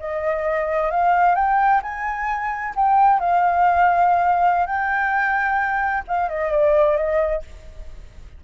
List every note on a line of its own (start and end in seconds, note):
0.00 0.91 D#5
0.91 1.36 F5
1.36 1.82 G5
1.83 2.74 G#5
2.76 3.20 G5
3.20 4.67 F5
4.67 6.04 G5
6.08 6.29 F5
6.29 6.51 D#5
6.51 6.97 D5
6.97 7.43 D#5